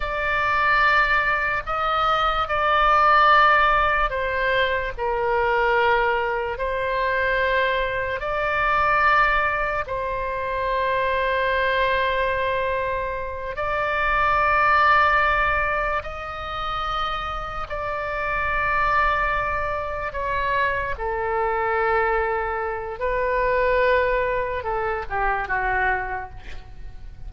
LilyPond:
\new Staff \with { instrumentName = "oboe" } { \time 4/4 \tempo 4 = 73 d''2 dis''4 d''4~ | d''4 c''4 ais'2 | c''2 d''2 | c''1~ |
c''8 d''2. dis''8~ | dis''4. d''2~ d''8~ | d''8 cis''4 a'2~ a'8 | b'2 a'8 g'8 fis'4 | }